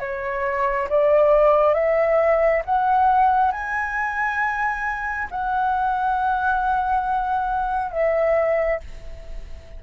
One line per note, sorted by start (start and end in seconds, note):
0.00 0.88 C#5
0.89 1.74 D5
1.74 2.63 E5
2.66 3.52 F#5
3.52 5.29 G#5
5.31 7.92 F#5
7.92 8.80 E5